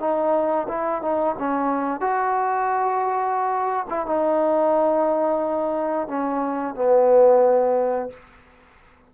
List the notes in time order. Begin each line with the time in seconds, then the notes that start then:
0.00 D#4
0.68 E4
1.02 D#4
1.39 C#4
2.01 F#4
3.90 E4
4.06 D#4
6.08 C#4
6.75 B3